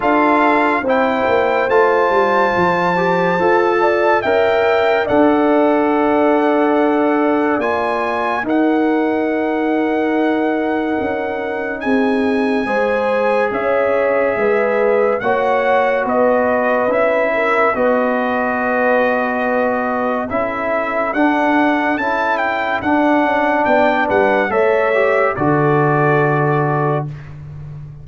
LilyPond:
<<
  \new Staff \with { instrumentName = "trumpet" } { \time 4/4 \tempo 4 = 71 f''4 g''4 a''2~ | a''4 g''4 fis''2~ | fis''4 gis''4 fis''2~ | fis''2 gis''2 |
e''2 fis''4 dis''4 | e''4 dis''2. | e''4 fis''4 a''8 g''8 fis''4 | g''8 fis''8 e''4 d''2 | }
  \new Staff \with { instrumentName = "horn" } { \time 4/4 a'4 c''2.~ | c''8 d''8 e''4 d''2~ | d''2 ais'2~ | ais'2 gis'4 c''4 |
cis''4 b'4 cis''4 b'4~ | b'8 ais'8 b'2. | a'1 | d''8 b'8 cis''4 a'2 | }
  \new Staff \with { instrumentName = "trombone" } { \time 4/4 f'4 e'4 f'4. g'8 | a'4 ais'4 a'2~ | a'4 f'4 dis'2~ | dis'2. gis'4~ |
gis'2 fis'2 | e'4 fis'2. | e'4 d'4 e'4 d'4~ | d'4 a'8 g'8 fis'2 | }
  \new Staff \with { instrumentName = "tuba" } { \time 4/4 d'4 c'8 ais8 a8 g8 f4 | f'4 cis'4 d'2~ | d'4 ais4 dis'2~ | dis'4 cis'4 c'4 gis4 |
cis'4 gis4 ais4 b4 | cis'4 b2. | cis'4 d'4 cis'4 d'8 cis'8 | b8 g8 a4 d2 | }
>>